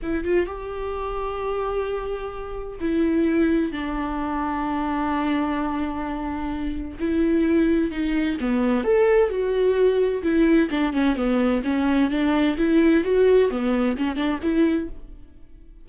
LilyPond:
\new Staff \with { instrumentName = "viola" } { \time 4/4 \tempo 4 = 129 e'8 f'8 g'2.~ | g'2 e'2 | d'1~ | d'2. e'4~ |
e'4 dis'4 b4 a'4 | fis'2 e'4 d'8 cis'8 | b4 cis'4 d'4 e'4 | fis'4 b4 cis'8 d'8 e'4 | }